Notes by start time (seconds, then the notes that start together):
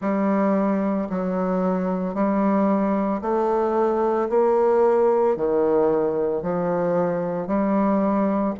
0.01 G3
1.09 F#3
2.14 G3
3.21 A3
4.29 A#3
5.36 D#3
6.42 F3
7.47 G3